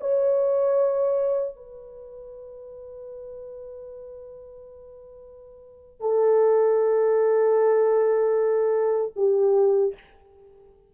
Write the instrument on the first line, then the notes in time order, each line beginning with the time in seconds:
horn
0.00 C#5
1.55 B4
6.00 A4
9.16 G4